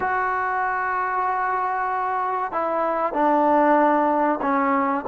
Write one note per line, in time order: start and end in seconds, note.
0.00 2.51 F#4
2.51 3.13 E4
3.13 4.39 D4
4.41 5.04 C#4